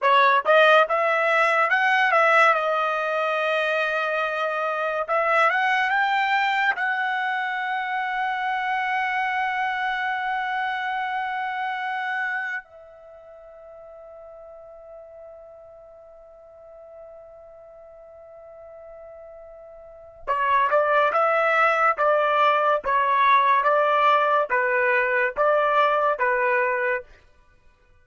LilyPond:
\new Staff \with { instrumentName = "trumpet" } { \time 4/4 \tempo 4 = 71 cis''8 dis''8 e''4 fis''8 e''8 dis''4~ | dis''2 e''8 fis''8 g''4 | fis''1~ | fis''2. e''4~ |
e''1~ | e''1 | cis''8 d''8 e''4 d''4 cis''4 | d''4 b'4 d''4 b'4 | }